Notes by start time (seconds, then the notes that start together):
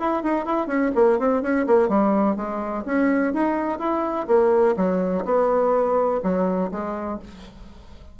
0.00 E4
0.23 D#4
0.46 E4
0.67 C#4
0.95 A#3
1.19 C4
1.42 C#4
1.67 A#3
1.89 G3
2.37 G#3
2.86 C#4
3.33 D#4
3.79 E4
4.27 A#3
4.77 F#3
5.25 B3
6.23 F#3
6.72 G#3